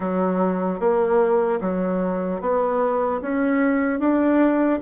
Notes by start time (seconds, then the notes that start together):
0.00 F#3
0.79 A#3
1.60 F#3
2.40 B3
3.21 C#4
3.99 D4